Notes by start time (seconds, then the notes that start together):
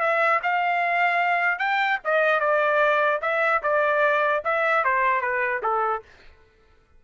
0.00 E5
0.43 F5
1.59 G5
2.05 D#5
2.40 D5
3.22 E5
3.63 D5
4.45 E5
4.85 C5
5.21 B4
5.63 A4